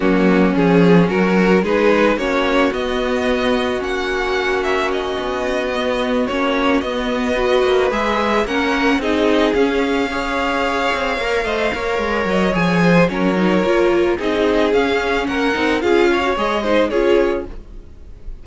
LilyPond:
<<
  \new Staff \with { instrumentName = "violin" } { \time 4/4 \tempo 4 = 110 fis'4 gis'4 ais'4 b'4 | cis''4 dis''2 fis''4~ | fis''8 e''8 dis''2~ dis''8 cis''8~ | cis''8 dis''2 e''4 fis''8~ |
fis''8 dis''4 f''2~ f''8~ | f''2~ f''8 dis''8 gis''4 | cis''2 dis''4 f''4 | fis''4 f''4 dis''4 cis''4 | }
  \new Staff \with { instrumentName = "violin" } { \time 4/4 cis'2 fis'4 gis'4 | fis'1~ | fis'1~ | fis'4. b'2 ais'8~ |
ais'8 gis'2 cis''4.~ | cis''4 dis''8 cis''2 c''8 | ais'2 gis'2 | ais'4 gis'8 cis''4 c''8 gis'4 | }
  \new Staff \with { instrumentName = "viola" } { \time 4/4 ais4 cis'2 dis'4 | cis'4 b2 cis'4~ | cis'2~ cis'8 b4 cis'8~ | cis'8 b4 fis'4 gis'4 cis'8~ |
cis'8 dis'4 cis'4 gis'4.~ | gis'8 ais'8 c''8 ais'4. gis'4 | cis'8 dis'8 f'4 dis'4 cis'4~ | cis'8 dis'8 f'8. fis'16 gis'8 dis'8 f'4 | }
  \new Staff \with { instrumentName = "cello" } { \time 4/4 fis4 f4 fis4 gis4 | ais4 b2 ais4~ | ais4. b2 ais8~ | ais8 b4. ais8 gis4 ais8~ |
ais8 c'4 cis'2~ cis'8 | c'8 ais8 a8 ais8 gis8 fis8 f4 | fis4 ais4 c'4 cis'4 | ais8 c'8 cis'4 gis4 cis'4 | }
>>